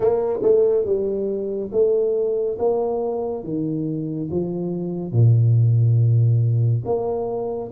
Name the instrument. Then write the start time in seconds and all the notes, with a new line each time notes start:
tuba
0.00 A#3
0.42 A3
0.85 G3
1.71 A3
2.59 A#3
3.43 D#3
4.31 F3
5.12 A#2
6.85 A#3